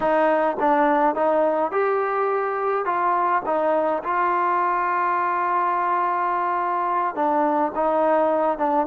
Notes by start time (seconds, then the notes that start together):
0.00 D#4
0.59 D4
1.15 D#4
1.71 G4
2.85 F4
3.45 D#4
4.03 F4
7.15 D4
7.75 D#4
8.58 D4